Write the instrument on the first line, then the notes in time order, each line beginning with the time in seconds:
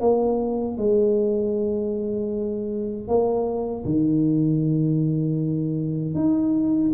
tuba
0.00 A#3
0.77 G#3
3.07 A#3
3.85 D#3
6.14 D#4